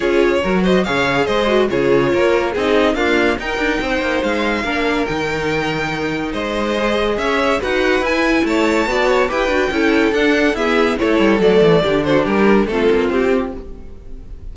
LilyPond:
<<
  \new Staff \with { instrumentName = "violin" } { \time 4/4 \tempo 4 = 142 cis''4. dis''8 f''4 dis''4 | cis''2 dis''4 f''4 | g''2 f''2 | g''2. dis''4~ |
dis''4 e''4 fis''4 gis''4 | a''2 g''2 | fis''4 e''4 cis''4 d''4~ | d''8 c''8 ais'4 a'4 g'4 | }
  \new Staff \with { instrumentName = "violin" } { \time 4/4 gis'4 ais'8 c''8 cis''4 c''4 | gis'4 ais'4 gis'4 f'4 | ais'4 c''2 ais'4~ | ais'2. c''4~ |
c''4 cis''4 b'2 | cis''4 d''8 cis''8 b'4 a'4~ | a'4 gis'4 a'2 | g'8 fis'8 g'4 f'2 | }
  \new Staff \with { instrumentName = "viola" } { \time 4/4 f'4 fis'4 gis'4. fis'8 | f'2 dis'4 ais4 | dis'2. d'4 | dis'1 |
gis'2 fis'4 e'4~ | e'4 fis'4 g'8 fis'8 e'4 | d'4 b4 e'4 a4 | d'2 c'2 | }
  \new Staff \with { instrumentName = "cello" } { \time 4/4 cis'4 fis4 cis4 gis4 | cis4 ais4 c'4 d'4 | dis'8 d'8 c'8 ais8 gis4 ais4 | dis2. gis4~ |
gis4 cis'4 dis'4 e'4 | a4 b4 e'8 d'8 cis'4 | d'4 e'4 a8 g8 fis8 e8 | d4 g4 a8 ais8 c'4 | }
>>